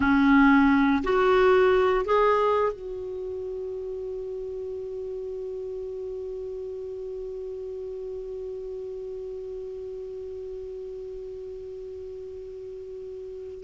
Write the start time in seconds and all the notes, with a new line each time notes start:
0.00 C#4
1.03 F#4
2.05 G#4
2.72 F#4